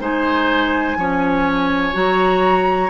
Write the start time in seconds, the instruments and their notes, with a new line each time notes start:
0.00 bassoon G#3, clarinet D#4, oboe C5, flute G#5
0.97 bassoon F3, clarinet C#4, oboe C#5
1.93 bassoon F#3, clarinet F#4, flute A#5